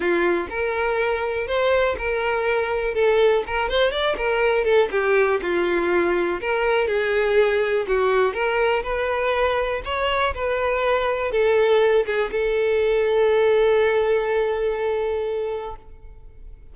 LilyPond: \new Staff \with { instrumentName = "violin" } { \time 4/4 \tempo 4 = 122 f'4 ais'2 c''4 | ais'2 a'4 ais'8 c''8 | d''8 ais'4 a'8 g'4 f'4~ | f'4 ais'4 gis'2 |
fis'4 ais'4 b'2 | cis''4 b'2 a'4~ | a'8 gis'8 a'2.~ | a'1 | }